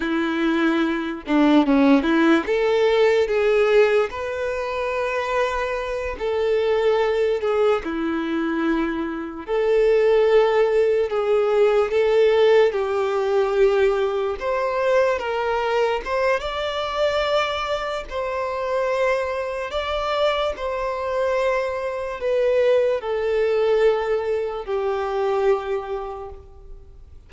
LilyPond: \new Staff \with { instrumentName = "violin" } { \time 4/4 \tempo 4 = 73 e'4. d'8 cis'8 e'8 a'4 | gis'4 b'2~ b'8 a'8~ | a'4 gis'8 e'2 a'8~ | a'4. gis'4 a'4 g'8~ |
g'4. c''4 ais'4 c''8 | d''2 c''2 | d''4 c''2 b'4 | a'2 g'2 | }